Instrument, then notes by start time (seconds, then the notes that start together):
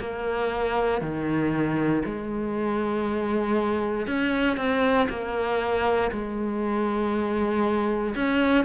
cello
0.00 A#3
1.01 D#3
2.05 G#3
4.07 C#4
4.57 C4
5.09 A#3
6.12 G#3
8.15 C#4